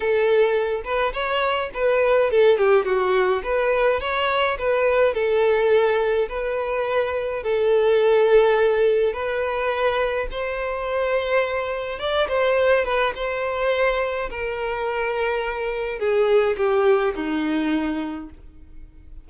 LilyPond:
\new Staff \with { instrumentName = "violin" } { \time 4/4 \tempo 4 = 105 a'4. b'8 cis''4 b'4 | a'8 g'8 fis'4 b'4 cis''4 | b'4 a'2 b'4~ | b'4 a'2. |
b'2 c''2~ | c''4 d''8 c''4 b'8 c''4~ | c''4 ais'2. | gis'4 g'4 dis'2 | }